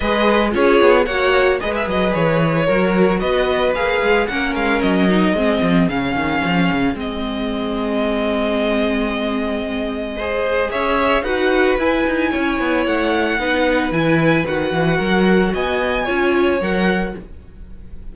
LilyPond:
<<
  \new Staff \with { instrumentName = "violin" } { \time 4/4 \tempo 4 = 112 dis''4 cis''4 fis''4 dis''16 e''16 dis''8 | cis''2 dis''4 f''4 | fis''8 f''8 dis''2 f''4~ | f''4 dis''2.~ |
dis''1 | e''4 fis''4 gis''2 | fis''2 gis''4 fis''4~ | fis''4 gis''2 fis''4 | }
  \new Staff \with { instrumentName = "violin" } { \time 4/4 b'4 gis'4 cis''4 b'4~ | b'4 ais'4 b'2 | ais'2 gis'2~ | gis'1~ |
gis'2. c''4 | cis''4 b'2 cis''4~ | cis''4 b'2. | ais'4 dis''4 cis''2 | }
  \new Staff \with { instrumentName = "viola" } { \time 4/4 gis'4 f'4 fis'4 gis'4~ | gis'4 fis'2 gis'4 | cis'4. dis'8 c'4 cis'4~ | cis'4 c'2.~ |
c'2. gis'4~ | gis'4 fis'4 e'2~ | e'4 dis'4 e'4 fis'4~ | fis'2 f'4 ais'4 | }
  \new Staff \with { instrumentName = "cello" } { \time 4/4 gis4 cis'8 b8 ais4 gis8 fis8 | e4 fis4 b4 ais8 gis8 | ais8 gis8 fis4 gis8 f8 cis8 dis8 | f8 cis8 gis2.~ |
gis1 | cis'4 dis'4 e'8 dis'8 cis'8 b8 | a4 b4 e4 dis8 e8 | fis4 b4 cis'4 fis4 | }
>>